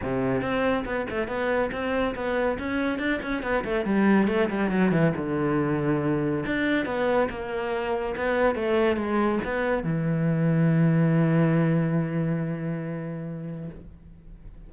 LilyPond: \new Staff \with { instrumentName = "cello" } { \time 4/4 \tempo 4 = 140 c4 c'4 b8 a8 b4 | c'4 b4 cis'4 d'8 cis'8 | b8 a8 g4 a8 g8 fis8 e8 | d2. d'4 |
b4 ais2 b4 | a4 gis4 b4 e4~ | e1~ | e1 | }